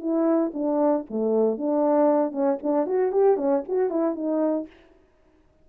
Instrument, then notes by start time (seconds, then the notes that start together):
horn
0.00 E4
0.54 D4
1.10 A3
1.58 D4
2.32 C#4
2.63 D4
2.87 F#4
3.12 G4
3.37 C#4
3.68 F#4
3.90 E4
4.15 D#4